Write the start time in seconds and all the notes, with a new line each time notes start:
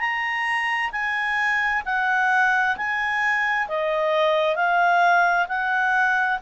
0.00 A#5
0.92 G#5
1.86 F#5
2.77 G#5
3.69 D#5
4.56 F5
5.48 F#5